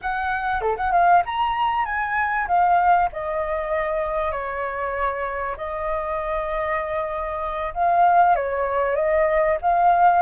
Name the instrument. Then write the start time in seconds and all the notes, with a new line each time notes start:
flute
0.01 F#5
0.61 A4
0.76 F#5
0.92 F5
1.25 A#5
1.85 G#5
2.47 F5
3.12 D#5
4.31 C#5
5.57 D#5
7.74 F5
8.35 C#5
8.96 D#5
9.61 F5